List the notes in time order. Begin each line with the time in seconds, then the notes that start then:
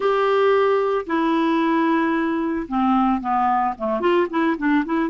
0.00 G4
1.06 E4
2.68 C4
3.20 B3
3.78 A3
4.00 F4
4.30 E4
4.57 D4
4.85 E4